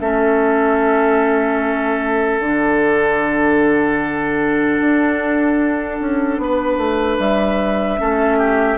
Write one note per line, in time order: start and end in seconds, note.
0.00 2.40 A3
0.00 2.41 C#4
0.00 6.41 A4
0.00 2.40 E5
2.40 4.79 D3
2.40 7.98 D4
2.40 7.19 F#5
4.80 6.00 D4
6.01 6.38 C#4
6.38 6.78 B3
6.38 8.00 B4
6.78 7.18 A3
7.19 7.99 G3
7.19 8.78 E5
7.98 8.78 A3
7.98 8.78 C#4
7.98 8.38 A4
8.38 8.78 G4